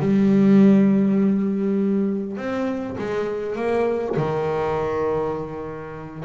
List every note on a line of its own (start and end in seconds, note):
0.00 2.37 G3
2.37 2.97 C4
2.98 3.56 G#3
3.56 4.15 A#3
4.17 6.25 D#3